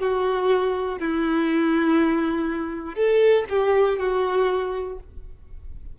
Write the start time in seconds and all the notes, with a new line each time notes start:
0.00 F#4
1.00 E4
2.95 A4
3.50 G4
3.99 F#4